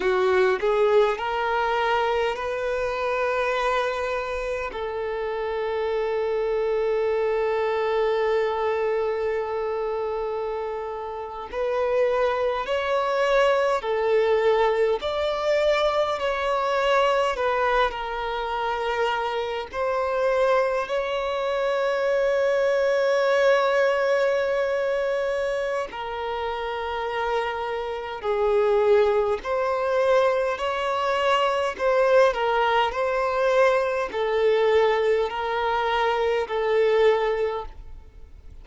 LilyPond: \new Staff \with { instrumentName = "violin" } { \time 4/4 \tempo 4 = 51 fis'8 gis'8 ais'4 b'2 | a'1~ | a'4.~ a'16 b'4 cis''4 a'16~ | a'8. d''4 cis''4 b'8 ais'8.~ |
ais'8. c''4 cis''2~ cis''16~ | cis''2 ais'2 | gis'4 c''4 cis''4 c''8 ais'8 | c''4 a'4 ais'4 a'4 | }